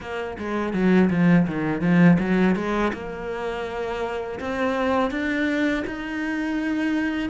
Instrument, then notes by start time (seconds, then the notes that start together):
cello
0.00 A#3
0.38 G#3
0.73 F#3
1.10 F3
1.47 D#3
1.81 F3
2.19 F#3
2.55 G#3
2.93 A#3
4.40 C4
5.11 D4
5.86 D#4